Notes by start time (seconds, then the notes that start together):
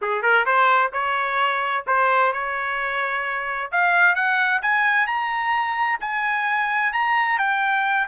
0.01 G#4
0.22 A#4
0.45 C5
0.93 C#5
1.86 C5
2.32 C#5
3.71 F5
4.15 F#5
4.62 G#5
5.06 A#5
6.00 G#5
6.93 A#5
7.38 G5